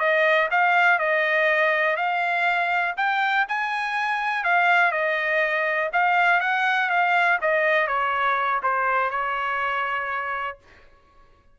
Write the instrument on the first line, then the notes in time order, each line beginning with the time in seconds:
trumpet
0.00 D#5
0.51 F5
0.99 D#5
1.97 F5
2.97 G5
3.49 G#5
4.45 F5
4.92 D#5
5.93 F5
6.41 F#5
6.90 F5
7.42 D#5
7.88 C#5
8.63 C5
9.11 C#5